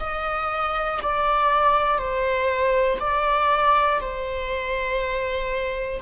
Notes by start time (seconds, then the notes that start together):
0.00 D#5
1.02 D5
1.98 C5
3.00 D5
4.00 C5